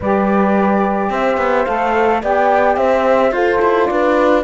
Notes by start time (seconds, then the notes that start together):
0.00 G3 G4 B4 D5
1.09 C4 C5 E5
1.37 B3
1.65 A3 A4 F5
2.22 B3 G4 D5 G5
2.76 C4 C5 E5
3.31 F4 A4 C5
3.61 E4
3.86 D4 B4 D5